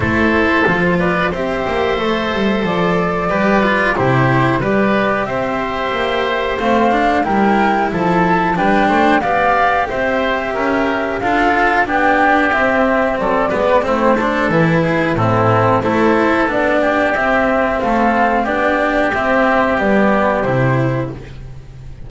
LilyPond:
<<
  \new Staff \with { instrumentName = "flute" } { \time 4/4 \tempo 4 = 91 c''4. d''8 e''2 | d''2 c''4 d''4 | e''2 f''4 g''4 | a''4 g''4 f''4 e''4~ |
e''4 f''4 g''4 e''4 | d''4 c''4 b'4 a'4 | c''4 d''4 e''4 f''4 | d''4 e''4 d''4 c''4 | }
  \new Staff \with { instrumentName = "oboe" } { \time 4/4 a'4. b'8 c''2~ | c''4 b'4 g'4 b'4 | c''2. ais'4 | a'4 b'8 c''8 d''4 c''4 |
ais'4 a'4 g'2 | a'8 b'8 e'8 a'4 gis'8 e'4 | a'4. g'4. a'4 | g'1 | }
  \new Staff \with { instrumentName = "cello" } { \time 4/4 e'4 f'4 g'4 a'4~ | a'4 g'8 f'8 e'4 g'4~ | g'2 c'8 d'8 e'4~ | e'4 d'4 g'2~ |
g'4 f'4 d'4 c'4~ | c'8 b8 c'8 d'8 e'4 c'4 | e'4 d'4 c'2 | d'4 c'4 b4 e'4 | }
  \new Staff \with { instrumentName = "double bass" } { \time 4/4 a4 f4 c'8 ais8 a8 g8 | f4 g4 c4 g4 | c'4 ais4 a4 g4 | f4 g8 a8 b4 c'4 |
cis'4 d'4 b4 c'4 | fis8 gis8 a4 e4 a,4 | a4 b4 c'4 a4 | b4 c'4 g4 c4 | }
>>